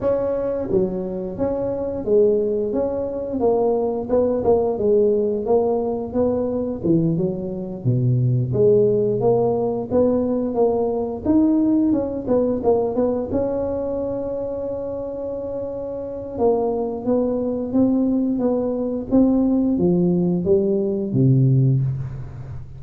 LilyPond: \new Staff \with { instrumentName = "tuba" } { \time 4/4 \tempo 4 = 88 cis'4 fis4 cis'4 gis4 | cis'4 ais4 b8 ais8 gis4 | ais4 b4 e8 fis4 b,8~ | b,8 gis4 ais4 b4 ais8~ |
ais8 dis'4 cis'8 b8 ais8 b8 cis'8~ | cis'1 | ais4 b4 c'4 b4 | c'4 f4 g4 c4 | }